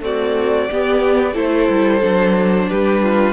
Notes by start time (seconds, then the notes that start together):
0.00 A3 C4 F#4 D5
0.71 B3 G4
1.32 A3 E4 A4 C5
1.69 G3
2.01 F#3 D4
2.68 G3 G4 B4
3.03 F4